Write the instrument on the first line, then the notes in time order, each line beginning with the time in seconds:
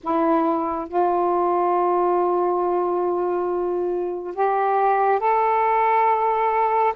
saxophone
0.03 E4
0.88 F4
4.34 G4
5.19 A4